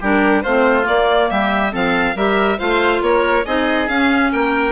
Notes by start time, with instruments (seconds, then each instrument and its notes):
0.00 bassoon G3, clarinet D4, oboe G4, violin A#4
0.42 bassoon A3, clarinet C4, oboe F4, violin C5
0.83 clarinet A#3, bassoon A#3, violin D5
1.30 bassoon G3, oboe G4, violin E5
1.71 bassoon F3, clarinet C4, oboe A4, violin F5
2.15 bassoon G3, clarinet G4, oboe A#4, violin E5
2.58 bassoon A3, clarinet F4, oboe C5, violin F5
3.01 bassoon A#3, oboe A#4, violin C#5
3.45 bassoon C4, clarinet D#4, oboe G#4, violin D#5
3.88 bassoon C#4, clarinet C#4, violin F5
4.32 bassoon A#3, oboe A#4, violin G5